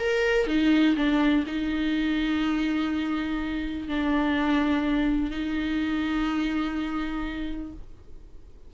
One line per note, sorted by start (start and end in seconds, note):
0.00 0.48 A#4
0.48 0.96 D#4
0.97 1.45 D4
1.47 3.89 D#4
3.89 5.31 D4
5.31 7.73 D#4